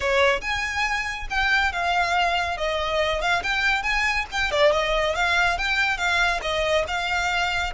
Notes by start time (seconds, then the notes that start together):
0.00 C#5
0.41 G#5
1.30 G5
1.72 F5
2.57 D#5
3.21 F5
3.43 G5
3.82 G#5
4.31 G5
4.51 D5
4.72 D#5
5.15 F5
5.58 G5
5.97 F5
6.41 D#5
6.87 F5